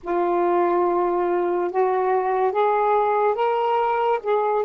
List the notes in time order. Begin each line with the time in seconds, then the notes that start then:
0.03 F4
1.71 F#4
2.52 G#4
3.34 A#4
4.23 G#4